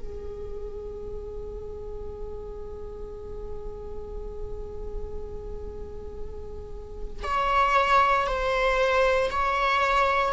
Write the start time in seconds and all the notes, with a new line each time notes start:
0.00 G#4
7.24 C#5
8.27 C5
9.31 C#5